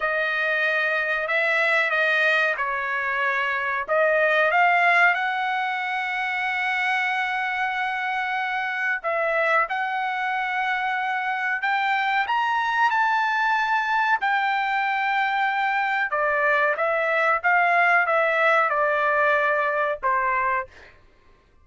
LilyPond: \new Staff \with { instrumentName = "trumpet" } { \time 4/4 \tempo 4 = 93 dis''2 e''4 dis''4 | cis''2 dis''4 f''4 | fis''1~ | fis''2 e''4 fis''4~ |
fis''2 g''4 ais''4 | a''2 g''2~ | g''4 d''4 e''4 f''4 | e''4 d''2 c''4 | }